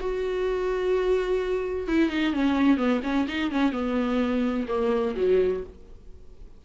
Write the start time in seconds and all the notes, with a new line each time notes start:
0.00 F#4
1.88 E4
2.10 D#4
2.33 C#4
2.77 B3
3.03 C#4
3.28 D#4
3.51 C#4
3.72 B3
4.68 A#3
5.16 F#3